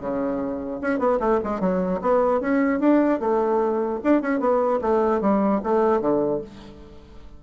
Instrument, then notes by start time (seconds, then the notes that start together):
bassoon
0.00 C#3
0.81 C#4
0.99 B3
1.19 A3
1.44 G#3
1.60 F#3
2.01 B3
2.40 C#4
2.80 D4
3.20 A3
4.03 D4
4.22 C#4
4.39 B3
4.81 A3
5.21 G3
5.63 A3
6.01 D3